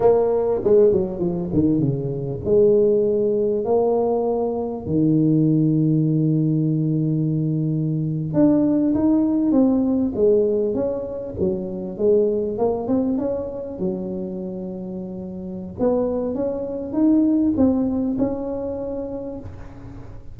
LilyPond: \new Staff \with { instrumentName = "tuba" } { \time 4/4 \tempo 4 = 99 ais4 gis8 fis8 f8 dis8 cis4 | gis2 ais2 | dis1~ | dis4.~ dis16 d'4 dis'4 c'16~ |
c'8. gis4 cis'4 fis4 gis16~ | gis8. ais8 c'8 cis'4 fis4~ fis16~ | fis2 b4 cis'4 | dis'4 c'4 cis'2 | }